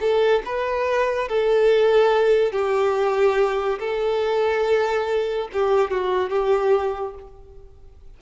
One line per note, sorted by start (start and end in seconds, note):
0.00 0.42 A4
0.45 1.28 B4
1.28 2.52 A4
2.52 3.78 G4
3.79 5.48 A4
5.53 5.90 G4
5.90 6.30 F#4
6.30 7.14 G4